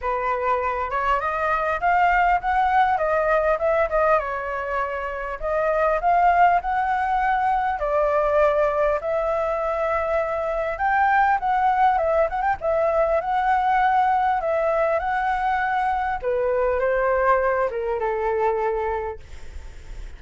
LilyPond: \new Staff \with { instrumentName = "flute" } { \time 4/4 \tempo 4 = 100 b'4. cis''8 dis''4 f''4 | fis''4 dis''4 e''8 dis''8 cis''4~ | cis''4 dis''4 f''4 fis''4~ | fis''4 d''2 e''4~ |
e''2 g''4 fis''4 | e''8 fis''16 g''16 e''4 fis''2 | e''4 fis''2 b'4 | c''4. ais'8 a'2 | }